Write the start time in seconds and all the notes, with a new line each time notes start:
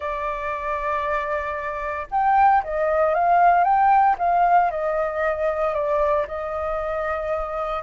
0.00 D5
2.11 G5
2.63 D#5
3.14 F5
3.64 G5
4.18 F5
4.70 D#5
5.74 D5
6.27 D#5